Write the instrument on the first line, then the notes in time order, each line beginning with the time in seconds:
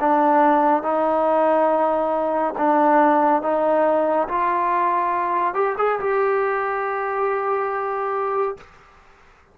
trombone
0.00 D4
0.83 D#4
2.58 D4
3.42 D#4
4.28 F4
5.54 G4
5.77 G#4
6.00 G4